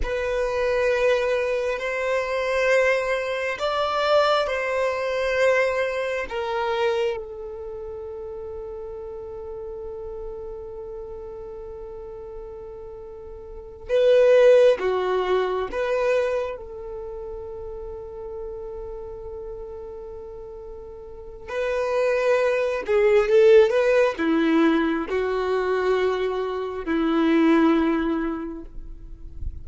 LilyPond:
\new Staff \with { instrumentName = "violin" } { \time 4/4 \tempo 4 = 67 b'2 c''2 | d''4 c''2 ais'4 | a'1~ | a'2.~ a'8 b'8~ |
b'8 fis'4 b'4 a'4.~ | a'1 | b'4. gis'8 a'8 b'8 e'4 | fis'2 e'2 | }